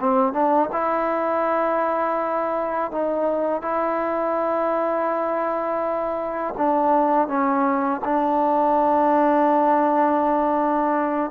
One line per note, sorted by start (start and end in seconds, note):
0.00 0.33 C4
0.33 0.70 D4
0.72 2.92 E4
2.92 3.62 D#4
3.62 6.55 E4
6.58 7.28 D4
7.28 8.01 C#4
8.05 11.31 D4